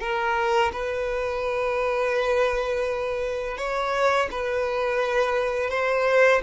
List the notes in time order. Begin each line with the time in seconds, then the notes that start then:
0.00 A#4
0.72 B4
3.57 C#5
4.31 B4
5.70 C5